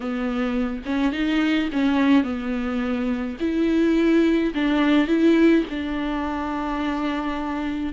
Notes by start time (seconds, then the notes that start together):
0.00 B3
0.85 C#4
1.12 D#4
1.72 C#4
2.23 B3
3.40 E4
4.54 D4
5.07 E4
5.70 D4